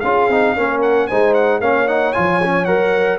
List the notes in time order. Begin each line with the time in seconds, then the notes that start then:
0.00 C#4 F4 G#4 F5
0.29 C4 D#4
0.57 A#3 C#4 A#4
0.82 F#5
1.07 G#3 D#4 C5 G#5
1.34 F#5
1.60 A#3 C#4 C#5 F5
1.87 D#4 F#5
2.13 F3 F4 G#5
2.43 C#4
2.65 F#3 A#4 F#5